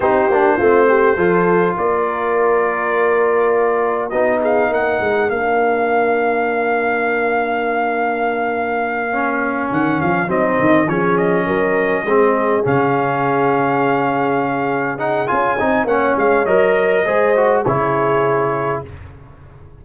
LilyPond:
<<
  \new Staff \with { instrumentName = "trumpet" } { \time 4/4 \tempo 4 = 102 c''2. d''4~ | d''2. dis''8 f''8 | fis''4 f''2.~ | f''1~ |
f''8 fis''8 f''8 dis''4 cis''8 dis''4~ | dis''4. f''2~ f''8~ | f''4. fis''8 gis''4 fis''8 f''8 | dis''2 cis''2 | }
  \new Staff \with { instrumentName = "horn" } { \time 4/4 g'4 f'8 g'8 a'4 ais'4~ | ais'2. fis'8 gis'8 | ais'1~ | ais'1~ |
ais'4. dis'4 gis'4 ais'8~ | ais'8 gis'2.~ gis'8~ | gis'2. cis''4~ | cis''4 c''4 gis'2 | }
  \new Staff \with { instrumentName = "trombone" } { \time 4/4 dis'8 d'8 c'4 f'2~ | f'2. dis'4~ | dis'4 d'2.~ | d'2.~ d'8 cis'8~ |
cis'4. c'4 cis'4.~ | cis'8 c'4 cis'2~ cis'8~ | cis'4. dis'8 f'8 dis'8 cis'4 | ais'4 gis'8 fis'8 e'2 | }
  \new Staff \with { instrumentName = "tuba" } { \time 4/4 c'8 ais8 a4 f4 ais4~ | ais2. b4 | ais8 gis8 ais2.~ | ais1~ |
ais8 dis8 f8 fis8 dis8 f4 fis8~ | fis8 gis4 cis2~ cis8~ | cis2 cis'8 c'8 ais8 gis8 | fis4 gis4 cis2 | }
>>